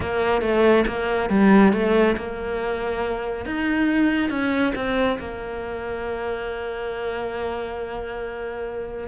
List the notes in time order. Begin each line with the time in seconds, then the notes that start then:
0.00 A#3
0.41 A3
0.87 A#3
1.29 G3
1.73 A3
2.16 A#3
3.45 D#4
4.30 C#4
4.75 C4
5.19 A#3